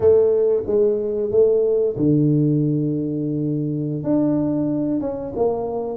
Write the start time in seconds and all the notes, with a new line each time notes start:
0.00 A3
0.66 G#3
1.31 A3
1.96 D3
4.03 D4
5.00 C#4
5.35 A#3